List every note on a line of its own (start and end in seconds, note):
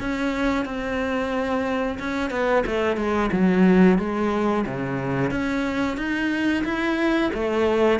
0.00 0.65 C#4
0.65 1.98 C4
1.99 2.31 C#4
2.31 2.64 B3
2.66 2.97 A3
2.97 3.30 G#3
3.32 3.98 F#3
3.98 4.65 G#3
4.66 5.31 C#3
5.31 5.98 C#4
5.98 6.64 D#4
6.65 7.31 E4
7.34 8.00 A3